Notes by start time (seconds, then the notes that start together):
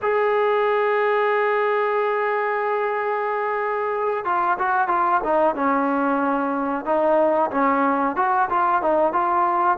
0.02 G#4
4.25 F4
4.58 F#4
4.88 F4
5.24 D#4
5.55 C#4
6.85 D#4
7.50 C#4
8.16 F#4
8.49 F4
8.82 D#4
9.12 F4